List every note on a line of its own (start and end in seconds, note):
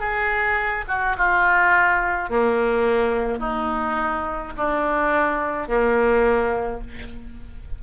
0.00 0.85 G#4
0.88 1.16 F#4
1.18 2.30 F4
2.30 3.40 A#3
3.40 4.53 D#4
4.57 5.68 D4
5.68 6.81 A#3